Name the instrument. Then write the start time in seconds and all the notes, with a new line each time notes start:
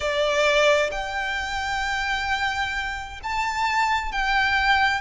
violin
0.00 D5
0.91 G5
3.23 A5
4.12 G5